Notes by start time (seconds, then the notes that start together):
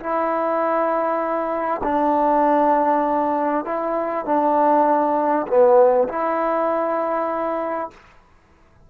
0.00 E4
1.84 D4
3.66 E4
4.26 D4
5.48 B3
6.09 E4